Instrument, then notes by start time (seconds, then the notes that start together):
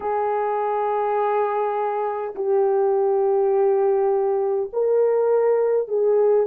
horn
0.00 G#4
2.35 G4
4.73 A#4
5.88 G#4